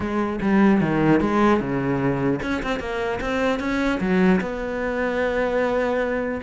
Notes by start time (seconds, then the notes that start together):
0.00 G#3
0.41 G3
0.80 D#3
1.20 G#3
1.59 C#3
2.42 C#4
2.62 C4
2.79 A#3
3.21 C4
3.59 C#4
4.00 F#3
4.40 B3